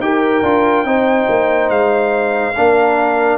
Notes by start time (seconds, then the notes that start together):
0.00 D#4 G4 A#4 G5
0.43 D4 F4
0.85 C4 D#4 C5
1.29 A#3
1.70 G#3 F5
2.57 A#3 D4 A#4